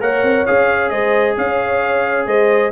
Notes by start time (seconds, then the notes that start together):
0.00 A#3 A#4 C#5 F#5
0.23 C4
0.45 C#4 G#4 F5
0.89 G#3 C5 D#5
1.37 C#4 C#5 F5
2.26 G#3 C5 D#5